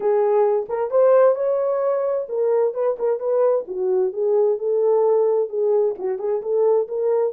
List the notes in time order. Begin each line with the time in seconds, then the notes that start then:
0.00 G#4
0.68 A#4
0.90 C5
1.35 C#5
2.28 A#4
2.74 B4
2.98 A#4
3.19 B4
3.67 F#4
4.13 G#4
4.58 A4
5.49 G#4
5.98 F#4
6.18 G#4
6.41 A4
6.88 A#4